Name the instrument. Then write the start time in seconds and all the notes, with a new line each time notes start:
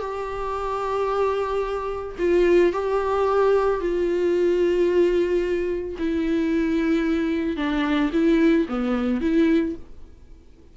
viola
0.00 G4
2.19 F4
2.73 G4
3.80 F4
5.99 E4
7.57 D4
8.13 E4
8.69 B3
9.21 E4